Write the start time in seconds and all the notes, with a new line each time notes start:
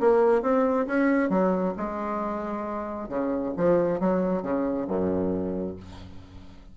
0.00 A#3
0.42 C4
0.87 C#4
1.30 F#3
1.77 G#3
3.09 C#3
3.57 F3
4.00 F#3
4.42 C#3
4.88 F#2